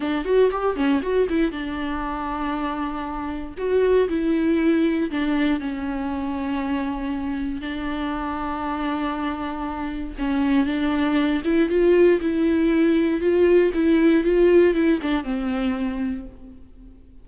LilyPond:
\new Staff \with { instrumentName = "viola" } { \time 4/4 \tempo 4 = 118 d'8 fis'8 g'8 cis'8 fis'8 e'8 d'4~ | d'2. fis'4 | e'2 d'4 cis'4~ | cis'2. d'4~ |
d'1 | cis'4 d'4. e'8 f'4 | e'2 f'4 e'4 | f'4 e'8 d'8 c'2 | }